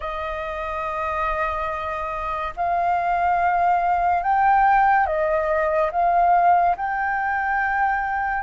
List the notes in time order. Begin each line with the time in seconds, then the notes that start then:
0.00 D#5
2.56 F5
4.23 G5
5.06 D#5
5.91 F5
6.76 G5